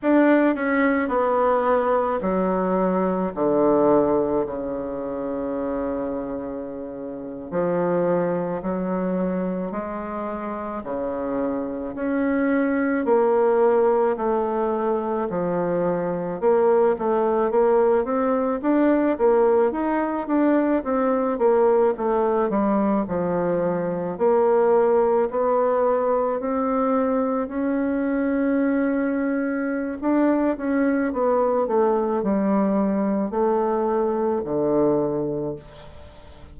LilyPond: \new Staff \with { instrumentName = "bassoon" } { \time 4/4 \tempo 4 = 54 d'8 cis'8 b4 fis4 d4 | cis2~ cis8. f4 fis16~ | fis8. gis4 cis4 cis'4 ais16~ | ais8. a4 f4 ais8 a8 ais16~ |
ais16 c'8 d'8 ais8 dis'8 d'8 c'8 ais8 a16~ | a16 g8 f4 ais4 b4 c'16~ | c'8. cis'2~ cis'16 d'8 cis'8 | b8 a8 g4 a4 d4 | }